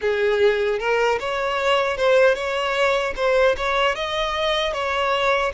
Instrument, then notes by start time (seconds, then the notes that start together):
violin
0.01 G#4
0.79 A#4
1.19 C#5
1.97 C5
2.34 C#5
3.16 C5
3.56 C#5
3.95 D#5
4.73 C#5